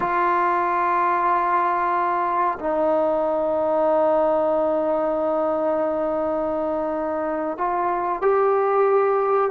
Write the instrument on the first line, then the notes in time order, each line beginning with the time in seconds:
trombone
0.00 F4
2.59 D#4
7.57 F4
8.21 G4